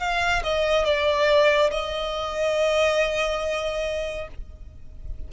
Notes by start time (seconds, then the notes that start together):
0.00 F5
0.44 D#5
0.85 D5
1.71 D#5